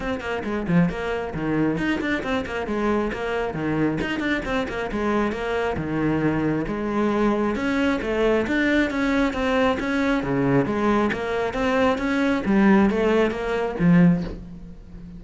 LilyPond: \new Staff \with { instrumentName = "cello" } { \time 4/4 \tempo 4 = 135 c'8 ais8 gis8 f8 ais4 dis4 | dis'8 d'8 c'8 ais8 gis4 ais4 | dis4 dis'8 d'8 c'8 ais8 gis4 | ais4 dis2 gis4~ |
gis4 cis'4 a4 d'4 | cis'4 c'4 cis'4 cis4 | gis4 ais4 c'4 cis'4 | g4 a4 ais4 f4 | }